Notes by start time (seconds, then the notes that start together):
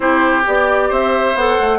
0.00 C4 E4 G4 C5
0.46 B3 G4 D5
0.89 C4 C5 E5
1.34 B3 A4 F#5
1.60 A3